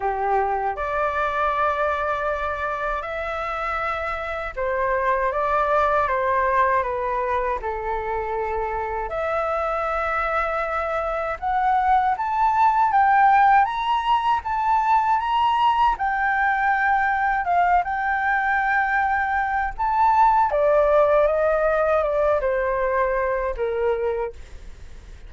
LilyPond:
\new Staff \with { instrumentName = "flute" } { \time 4/4 \tempo 4 = 79 g'4 d''2. | e''2 c''4 d''4 | c''4 b'4 a'2 | e''2. fis''4 |
a''4 g''4 ais''4 a''4 | ais''4 g''2 f''8 g''8~ | g''2 a''4 d''4 | dis''4 d''8 c''4. ais'4 | }